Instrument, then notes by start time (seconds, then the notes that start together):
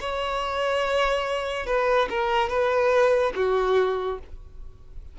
violin
0.00 C#5
1.66 B4
2.09 A#4
2.49 B4
3.35 F#4